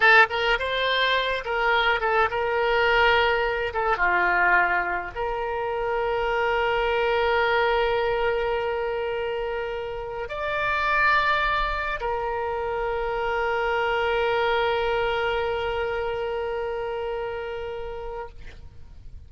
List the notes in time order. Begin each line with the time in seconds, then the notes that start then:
0.00 A4
0.29 A#4
0.58 C5
1.44 A#4
2.00 A4
2.30 A#4
3.73 A4
3.97 F4
5.15 A#4
10.28 D5
12.00 A#4